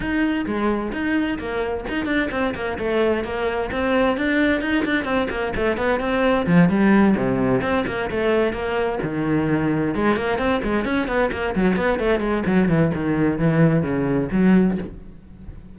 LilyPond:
\new Staff \with { instrumentName = "cello" } { \time 4/4 \tempo 4 = 130 dis'4 gis4 dis'4 ais4 | dis'8 d'8 c'8 ais8 a4 ais4 | c'4 d'4 dis'8 d'8 c'8 ais8 | a8 b8 c'4 f8 g4 c8~ |
c8 c'8 ais8 a4 ais4 dis8~ | dis4. gis8 ais8 c'8 gis8 cis'8 | b8 ais8 fis8 b8 a8 gis8 fis8 e8 | dis4 e4 cis4 fis4 | }